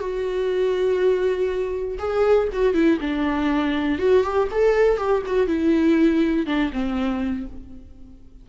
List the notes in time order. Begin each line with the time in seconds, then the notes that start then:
0.00 F#4
1.99 G#4
2.53 F#4
2.74 E4
3.01 D4
3.99 F#4
4.23 G4
4.51 A4
4.97 G4
5.27 F#4
5.47 E4
6.46 D4
6.73 C4